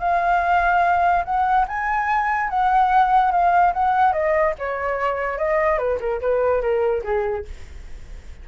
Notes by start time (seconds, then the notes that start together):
0.00 F5
1.25 F#5
1.68 G#5
2.50 F#5
3.32 F5
3.74 F#5
4.13 D#5
4.59 C#5
5.38 D#5
5.79 B4
6.01 A#4
6.22 B4
6.62 A#4
7.04 G#4